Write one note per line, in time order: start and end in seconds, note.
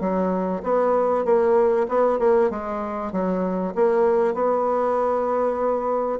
0.00 0.62 F#3
0.63 1.25 B3
1.25 1.86 A#3
1.88 2.19 B3
2.19 2.50 A#3
2.50 3.12 G#3
3.12 3.74 F#3
3.75 4.34 A#3
4.34 6.19 B3